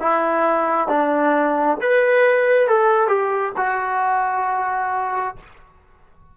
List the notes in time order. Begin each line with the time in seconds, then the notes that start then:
0.00 E4
0.88 D4
1.81 B4
2.68 A4
3.08 G4
3.57 F#4